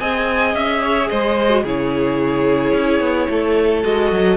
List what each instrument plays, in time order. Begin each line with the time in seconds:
0.00 cello C4, viola G#4, violin D#5 G#5
0.55 cello C#4, violin E5
0.82 violin C#5
1.09 cello G#3, violin C5 D#5
1.50 viola F#4
1.63 cello C#3, viola E4, violin G#4 C#5
2.74 cello C#4
3.00 cello B3
3.29 cello A3, violin A4
3.84 cello G#3, viola F#4, violin D#5
4.12 cello F#3